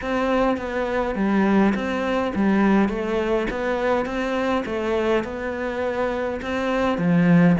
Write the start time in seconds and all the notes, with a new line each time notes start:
0.01 C4
0.57 B3
1.15 G3
1.74 C4
2.35 G3
2.88 A3
3.50 B3
4.05 C4
4.65 A3
5.24 B3
6.42 C4
6.98 F3